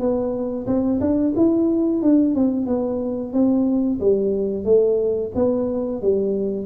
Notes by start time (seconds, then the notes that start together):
0.00 B3
0.67 C4
1.01 D4
1.36 E4
2.03 D4
2.35 C4
2.67 B3
3.34 C4
4.01 G3
4.65 A3
5.35 B3
6.02 G3